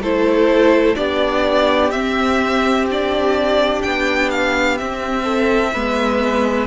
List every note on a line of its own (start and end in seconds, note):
0.00 0.95 A3
0.00 0.96 E4
0.00 0.97 A4
0.00 0.96 C5
0.96 1.91 B3
0.96 1.91 D4
0.96 5.23 G4
0.96 1.91 D5
1.91 3.82 C4
1.91 2.88 C4
1.91 2.86 E5
2.90 4.78 D4
2.90 3.82 D5
3.82 4.80 B3
3.82 4.29 G5
4.30 4.78 F5
4.78 5.73 C4
4.78 5.75 C4
4.78 6.67 E5
5.23 5.71 A4
5.73 6.67 G#3
5.73 6.67 B3
5.73 6.67 B4